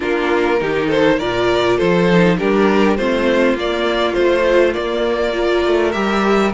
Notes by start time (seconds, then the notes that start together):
0.00 A#3 D4 F4 A#4
0.60 D#3 D#4 G4
0.87 A4 C5
1.18 A#2 F4 A#4 D5
1.77 F3 A4 C5
2.12 D#4
2.38 G3 D4 G4 A#4
2.96 A3 C4 F4 C5
3.54 A#3 D5
4.13 F3 A3 C5
4.72 A#3 D5
5.33 F4 A#4
5.65 A3
5.91 G3 G4 E5